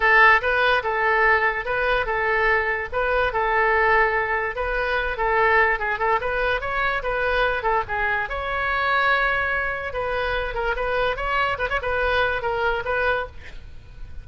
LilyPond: \new Staff \with { instrumentName = "oboe" } { \time 4/4 \tempo 4 = 145 a'4 b'4 a'2 | b'4 a'2 b'4 | a'2. b'4~ | b'8 a'4. gis'8 a'8 b'4 |
cis''4 b'4. a'8 gis'4 | cis''1 | b'4. ais'8 b'4 cis''4 | b'16 cis''16 b'4. ais'4 b'4 | }